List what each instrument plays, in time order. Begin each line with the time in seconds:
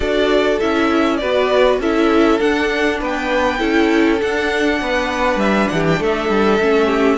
0.00 cello D4, viola F#4, violin A4 D5
0.60 cello C#4, viola E4, violin E5
1.16 cello B3, viola F#4, violin B4 D5
1.79 cello C#4, viola E4, violin A4 E5
2.39 viola D4, cello D4, violin F#5
3.00 cello B3, violin B4 G5
3.58 cello C#4, viola E4, violin A4
4.19 viola D4, cello D4, violin F#5
4.81 cello B3, violin B4
5.36 cello G3, violin E5
5.67 cello E3, violin G4 F#5
5.87 violin G5
5.99 cello A3, violin A4 E5
6.29 cello G3
6.59 cello A3, viola C#4
6.86 violin G4